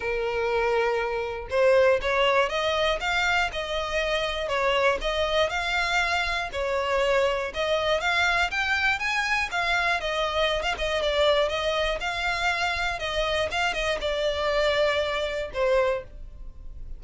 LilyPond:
\new Staff \with { instrumentName = "violin" } { \time 4/4 \tempo 4 = 120 ais'2. c''4 | cis''4 dis''4 f''4 dis''4~ | dis''4 cis''4 dis''4 f''4~ | f''4 cis''2 dis''4 |
f''4 g''4 gis''4 f''4 | dis''4~ dis''16 f''16 dis''8 d''4 dis''4 | f''2 dis''4 f''8 dis''8 | d''2. c''4 | }